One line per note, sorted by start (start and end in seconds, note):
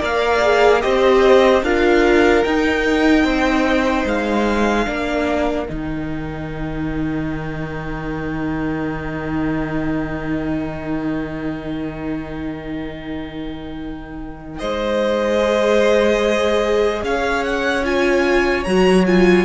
0.00 0.84 A#3
0.00 0.41 A#4
0.00 0.81 D5
0.00 0.81 F5
0.42 0.82 G#4
0.81 1.63 C4
0.81 1.63 G4
0.81 1.64 C5
0.81 1.62 D#5
1.63 2.44 D4
1.63 2.45 F4
1.63 3.25 A#4
1.63 2.43 F5
2.43 4.86 D#4
2.43 3.24 D#4
2.43 4.06 G5
3.24 4.05 C4
3.24 4.86 C5
4.06 4.87 G#3
4.06 5.68 F5
4.86 5.69 A#3
4.86 5.67 D4
4.86 14.59 A#4
5.68 14.61 D#3
5.68 15.38 D#4
5.68 14.59 G5
14.59 17.03 G#3
14.59 17.03 C5
14.59 17.02 D#5
15.38 17.81 G#4
17.03 18.66 C#4
17.03 19.45 C#5
17.03 17.44 F5
17.44 17.85 F#5
17.84 18.65 F4
17.84 18.64 G#5
18.64 19.45 F#3
18.64 19.07 F#4
18.64 19.04 A#5
19.07 19.45 F4
19.07 19.45 G#5